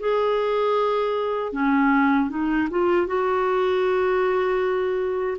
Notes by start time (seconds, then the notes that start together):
0.00 G#4
1.53 C#4
2.30 D#4
2.71 F4
3.07 F#4